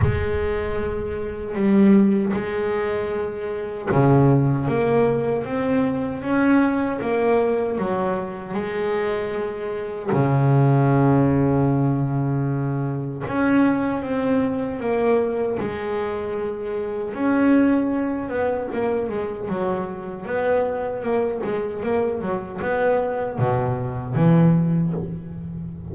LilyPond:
\new Staff \with { instrumentName = "double bass" } { \time 4/4 \tempo 4 = 77 gis2 g4 gis4~ | gis4 cis4 ais4 c'4 | cis'4 ais4 fis4 gis4~ | gis4 cis2.~ |
cis4 cis'4 c'4 ais4 | gis2 cis'4. b8 | ais8 gis8 fis4 b4 ais8 gis8 | ais8 fis8 b4 b,4 e4 | }